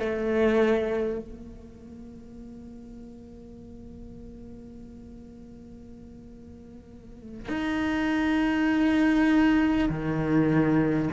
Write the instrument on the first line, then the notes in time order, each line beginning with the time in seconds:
cello
0.00 A3
1.19 A#3
7.49 D#4
9.89 D#3